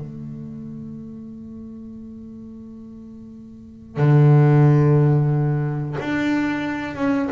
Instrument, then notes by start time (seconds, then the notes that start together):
double bass
0.00 A3
3.97 D3
6.00 D4
6.96 C#4